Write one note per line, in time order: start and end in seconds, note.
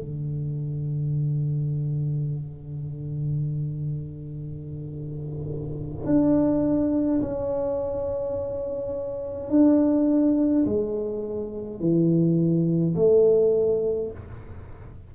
0.00 6.06 D3
6.06 7.21 D4
7.22 9.50 C#4
9.50 10.65 D4
10.66 11.80 G#3
11.80 12.95 E3
12.96 14.11 A3